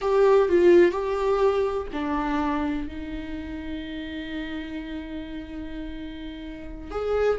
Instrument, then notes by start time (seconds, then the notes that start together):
viola
0.01 G4
0.48 F4
0.91 G4
1.92 D4
2.87 D#4
6.90 G#4